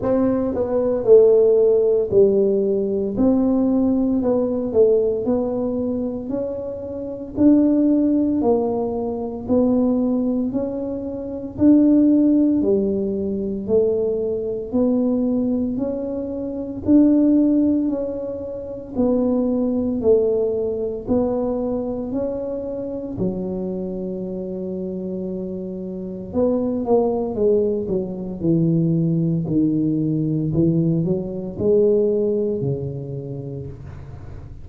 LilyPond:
\new Staff \with { instrumentName = "tuba" } { \time 4/4 \tempo 4 = 57 c'8 b8 a4 g4 c'4 | b8 a8 b4 cis'4 d'4 | ais4 b4 cis'4 d'4 | g4 a4 b4 cis'4 |
d'4 cis'4 b4 a4 | b4 cis'4 fis2~ | fis4 b8 ais8 gis8 fis8 e4 | dis4 e8 fis8 gis4 cis4 | }